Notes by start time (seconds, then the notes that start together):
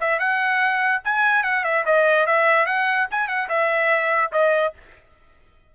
0.00 E5
0.19 F#5
1.04 G#5
1.43 F#5
1.64 E5
1.85 D#5
2.26 E5
2.66 F#5
3.10 G#5
3.27 F#5
3.48 E5
4.32 D#5